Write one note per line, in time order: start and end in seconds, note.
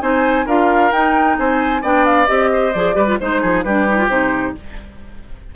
0.00 0.46 C4
0.00 0.45 D#4
0.00 0.45 C5
0.00 0.46 G#5
0.45 0.91 D4
0.45 0.92 F4
0.45 1.36 A#4
0.45 0.91 F5
0.91 1.37 D#4
0.91 1.82 D#4
0.91 1.37 G5
1.38 1.82 C4
1.38 1.81 C5
1.38 1.83 G#5
1.81 2.28 B3
1.81 2.27 D4
1.81 2.49 D5
1.81 2.05 G5
2.05 2.27 F5
2.27 2.74 C4
2.27 2.72 G4
2.27 2.72 D#5
2.53 2.95 C5
2.72 2.95 F3
2.72 2.93 G#4
2.72 3.18 D5
2.93 3.18 G3
2.93 3.05 G4
2.93 3.18 B4
3.07 3.18 F4
3.19 3.42 G#3
3.19 3.66 D#4
3.19 3.62 C5
3.19 3.41 C5
3.41 3.64 F3
3.41 3.64 G#4
3.62 4.08 G3
3.62 3.87 D4
3.62 4.55 G4
3.62 4.08 B4
3.87 3.97 D#4
3.97 4.09 F4
4.08 4.54 C3
4.08 4.55 D#4
4.08 4.54 C5